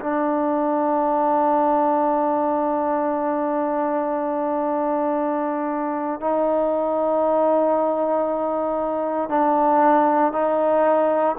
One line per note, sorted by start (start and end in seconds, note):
0.00 6.21 D4
6.21 9.29 D#4
9.29 10.32 D4
10.32 11.36 D#4